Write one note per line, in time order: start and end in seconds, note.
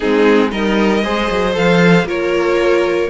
0.00 0.52 G#3
0.00 0.51 C4
0.00 0.49 D#4
0.00 0.50 G#4
0.51 1.03 G3
0.51 1.02 D#4
0.51 1.04 A#4
0.51 1.55 D#5
1.03 1.29 G#3
1.03 1.53 G#4
1.03 2.06 C5
1.30 1.56 F#3
1.53 2.04 F3
1.53 2.05 A4
1.53 2.07 F5
2.04 3.07 A#3
2.04 3.09 F4
2.04 3.09 A#4
2.04 3.09 C#5